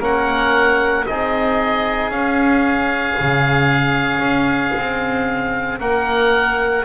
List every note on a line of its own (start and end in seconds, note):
0.00 1.05 A#3
0.00 1.06 C#4
0.00 1.05 A#4
0.00 1.06 F#5
1.06 2.11 C4
1.06 2.12 D#4
1.06 5.80 G#4
1.06 2.11 D#5
2.11 3.16 C#4
2.11 6.84 C#4
2.11 5.79 F5
3.20 4.19 C#3
4.19 4.72 C#4
4.77 5.80 C4
5.80 6.84 A#3
5.80 6.84 A#4
5.80 6.84 F#5